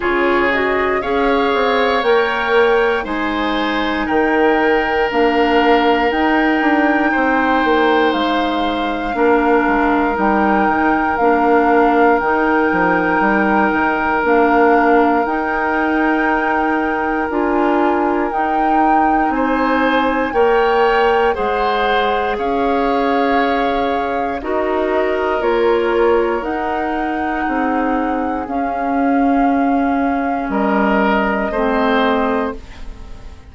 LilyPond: <<
  \new Staff \with { instrumentName = "flute" } { \time 4/4 \tempo 4 = 59 cis''8 dis''8 f''4 g''4 gis''4 | g''4 f''4 g''2 | f''2 g''4 f''4 | g''2 f''4 g''4~ |
g''4 gis''4 g''4 gis''4 | g''4 fis''4 f''2 | dis''4 cis''4 fis''2 | f''2 dis''2 | }
  \new Staff \with { instrumentName = "oboe" } { \time 4/4 gis'4 cis''2 c''4 | ais'2. c''4~ | c''4 ais'2.~ | ais'1~ |
ais'2. c''4 | cis''4 c''4 cis''2 | ais'2. gis'4~ | gis'2 ais'4 c''4 | }
  \new Staff \with { instrumentName = "clarinet" } { \time 4/4 f'8 fis'8 gis'4 ais'4 dis'4~ | dis'4 d'4 dis'2~ | dis'4 d'4 dis'4 d'4 | dis'2 d'4 dis'4~ |
dis'4 f'4 dis'2 | ais'4 gis'2. | fis'4 f'4 dis'2 | cis'2. c'4 | }
  \new Staff \with { instrumentName = "bassoon" } { \time 4/4 cis4 cis'8 c'8 ais4 gis4 | dis4 ais4 dis'8 d'8 c'8 ais8 | gis4 ais8 gis8 g8 dis8 ais4 | dis8 f8 g8 dis8 ais4 dis'4~ |
dis'4 d'4 dis'4 c'4 | ais4 gis4 cis'2 | dis'4 ais4 dis'4 c'4 | cis'2 g4 a4 | }
>>